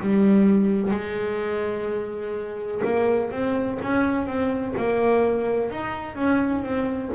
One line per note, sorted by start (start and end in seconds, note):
0.00 0.91 G3
0.91 2.82 G#3
2.84 3.31 A#3
3.31 3.79 C4
3.82 4.27 C#4
4.27 4.74 C4
4.77 5.71 A#3
5.71 6.16 D#4
6.16 6.63 C#4
6.63 7.11 C4